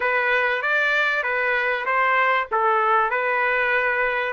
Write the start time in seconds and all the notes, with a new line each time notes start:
0.00 B4
0.62 D5
1.23 B4
1.85 C5
2.51 A4
3.10 B4